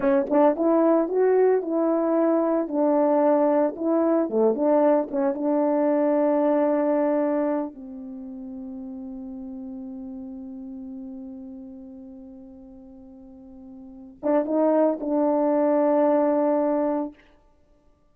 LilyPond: \new Staff \with { instrumentName = "horn" } { \time 4/4 \tempo 4 = 112 cis'8 d'8 e'4 fis'4 e'4~ | e'4 d'2 e'4 | a8 d'4 cis'8 d'2~ | d'2~ d'8 c'4.~ |
c'1~ | c'1~ | c'2~ c'8 d'8 dis'4 | d'1 | }